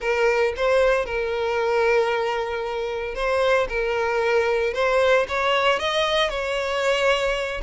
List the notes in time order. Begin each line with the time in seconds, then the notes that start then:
0.00 A#4
0.56 C5
1.05 A#4
3.15 C5
3.68 A#4
4.73 C5
5.28 C#5
5.79 D#5
6.29 C#5